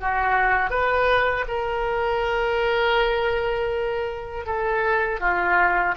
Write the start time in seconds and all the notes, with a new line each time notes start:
0.00 F#4
0.70 B4
1.48 A#4
4.46 A4
5.20 F4